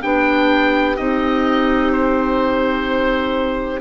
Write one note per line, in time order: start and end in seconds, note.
0.00 0.98 B3
0.00 0.97 D4
0.00 3.80 G4
0.00 0.96 G5
0.96 3.80 C4
0.96 3.80 D#4
0.96 1.92 D#5
1.92 3.80 C5